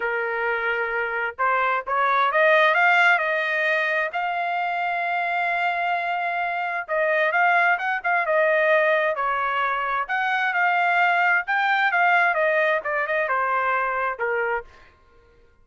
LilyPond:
\new Staff \with { instrumentName = "trumpet" } { \time 4/4 \tempo 4 = 131 ais'2. c''4 | cis''4 dis''4 f''4 dis''4~ | dis''4 f''2.~ | f''2. dis''4 |
f''4 fis''8 f''8 dis''2 | cis''2 fis''4 f''4~ | f''4 g''4 f''4 dis''4 | d''8 dis''8 c''2 ais'4 | }